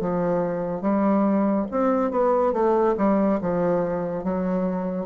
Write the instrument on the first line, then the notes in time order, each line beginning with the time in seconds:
bassoon
0.00 F3
0.81 G3
1.71 C4
2.11 B3
2.53 A3
2.97 G3
3.41 F3
4.24 F#3